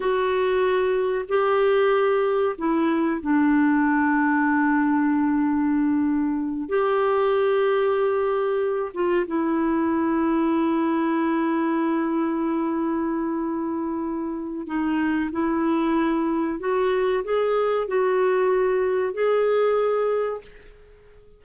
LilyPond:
\new Staff \with { instrumentName = "clarinet" } { \time 4/4 \tempo 4 = 94 fis'2 g'2 | e'4 d'2.~ | d'2~ d'8 g'4.~ | g'2 f'8 e'4.~ |
e'1~ | e'2. dis'4 | e'2 fis'4 gis'4 | fis'2 gis'2 | }